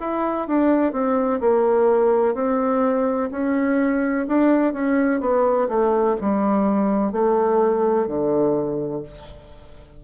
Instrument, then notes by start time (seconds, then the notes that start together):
bassoon
0.00 E4
0.48 D4
0.93 C4
1.41 A#3
2.35 C4
3.32 C#4
4.28 D4
4.74 C#4
5.20 B3
5.68 A3
6.21 G3
7.12 A3
8.07 D3